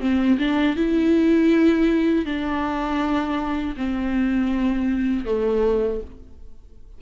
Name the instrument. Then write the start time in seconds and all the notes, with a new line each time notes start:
viola
0.00 C4
0.39 D4
0.76 E4
2.25 D4
3.76 C4
5.25 A3